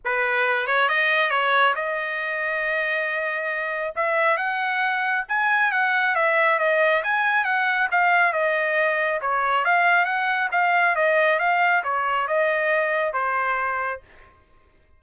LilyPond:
\new Staff \with { instrumentName = "trumpet" } { \time 4/4 \tempo 4 = 137 b'4. cis''8 dis''4 cis''4 | dis''1~ | dis''4 e''4 fis''2 | gis''4 fis''4 e''4 dis''4 |
gis''4 fis''4 f''4 dis''4~ | dis''4 cis''4 f''4 fis''4 | f''4 dis''4 f''4 cis''4 | dis''2 c''2 | }